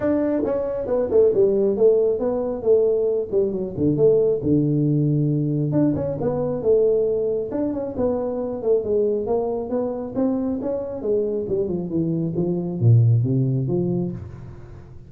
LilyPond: \new Staff \with { instrumentName = "tuba" } { \time 4/4 \tempo 4 = 136 d'4 cis'4 b8 a8 g4 | a4 b4 a4. g8 | fis8 d8 a4 d2~ | d4 d'8 cis'8 b4 a4~ |
a4 d'8 cis'8 b4. a8 | gis4 ais4 b4 c'4 | cis'4 gis4 g8 f8 e4 | f4 ais,4 c4 f4 | }